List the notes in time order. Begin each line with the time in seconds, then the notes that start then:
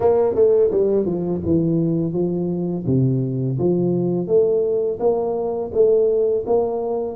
0.00 A#3
0.34 A3
0.71 G3
1.05 F3
1.45 E3
2.12 F3
2.86 C3
3.58 F3
4.27 A3
4.99 A#3
5.73 A3
6.46 A#3